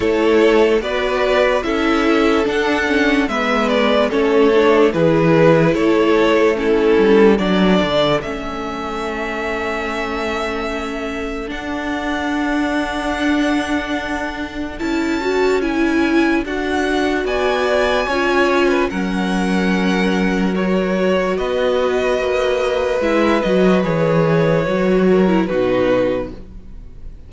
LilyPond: <<
  \new Staff \with { instrumentName = "violin" } { \time 4/4 \tempo 4 = 73 cis''4 d''4 e''4 fis''4 | e''8 d''8 cis''4 b'4 cis''4 | a'4 d''4 e''2~ | e''2 fis''2~ |
fis''2 a''4 gis''4 | fis''4 gis''2 fis''4~ | fis''4 cis''4 dis''2 | e''8 dis''8 cis''2 b'4 | }
  \new Staff \with { instrumentName = "violin" } { \time 4/4 a'4 b'4 a'2 | b'4 a'4 gis'4 a'4 | e'4 a'2.~ | a'1~ |
a'1~ | a'4 d''4 cis''8. b'16 ais'4~ | ais'2 b'2~ | b'2~ b'8 ais'8 fis'4 | }
  \new Staff \with { instrumentName = "viola" } { \time 4/4 e'4 fis'4 e'4 d'8 cis'8 | b4 cis'8 d'8 e'2 | cis'4 d'4 cis'2~ | cis'2 d'2~ |
d'2 e'8 fis'8 e'4 | fis'2 f'4 cis'4~ | cis'4 fis'2. | e'8 fis'8 gis'4 fis'8. e'16 dis'4 | }
  \new Staff \with { instrumentName = "cello" } { \time 4/4 a4 b4 cis'4 d'4 | gis4 a4 e4 a4~ | a8 g8 fis8 d8 a2~ | a2 d'2~ |
d'2 cis'2 | d'4 b4 cis'4 fis4~ | fis2 b4 ais4 | gis8 fis8 e4 fis4 b,4 | }
>>